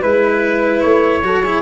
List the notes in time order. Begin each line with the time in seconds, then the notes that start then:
0.00 G#3 E4 B4
0.81 A3 C#5
1.22 F#3 F#4 A4
1.42 E4 G#4